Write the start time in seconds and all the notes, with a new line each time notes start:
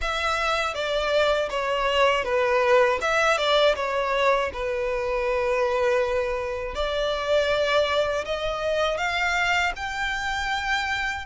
0.01 E5
0.74 D5
1.50 C#5
2.24 B4
3.01 E5
3.38 D5
3.75 C#5
4.53 B4
6.75 D5
8.25 D#5
8.97 F5
9.76 G5